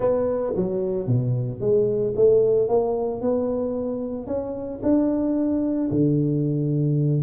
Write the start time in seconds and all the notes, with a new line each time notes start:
0.00 B3
0.56 F#3
1.07 B2
1.60 G#3
2.16 A3
2.68 A#3
3.21 B3
4.26 C#4
4.82 D4
5.91 D3